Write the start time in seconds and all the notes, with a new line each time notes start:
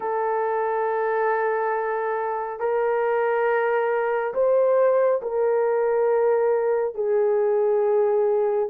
0.00 A4
2.59 A#4
4.34 C5
5.22 A#4
6.94 G#4